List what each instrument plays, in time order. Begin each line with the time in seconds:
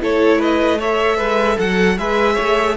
0.00 cello A3, viola E4, violin A4 C#5
0.39 violin B4 D#5
0.79 viola A4, violin C#5 E5
1.17 cello G#3, violin B4
1.58 cello F#3, violin A4 F#5
1.98 cello G#3, viola G#4, violin B4 E5
2.34 cello A3, violin C#5